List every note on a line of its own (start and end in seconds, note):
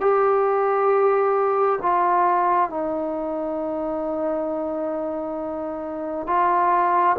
0.00 1.79 G4
1.82 2.69 F4
2.69 6.27 D#4
6.27 7.16 F4